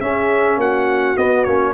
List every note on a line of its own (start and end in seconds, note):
0.00 0.56 C#4
0.00 1.17 C#4
0.00 0.59 G#4
0.00 0.58 E5
0.56 1.15 A#3
0.56 1.73 F#4
0.56 1.17 F#5
1.17 1.46 B3
1.17 1.44 D#5
1.44 1.73 A#3
1.44 1.73 C#4
1.44 1.73 C#5